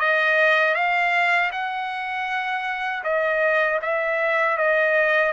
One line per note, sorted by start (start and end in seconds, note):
0.00 0.75 D#5
0.75 1.51 F5
1.52 3.04 F#5
3.04 3.80 D#5
3.82 4.58 E5
4.58 5.33 D#5